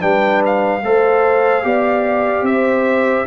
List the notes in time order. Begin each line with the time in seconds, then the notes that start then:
0.00 G3 D4 B4 G5
0.46 F5
0.83 A3 A4 C5
1.63 B3 G4 D5
2.42 C4 C5 E5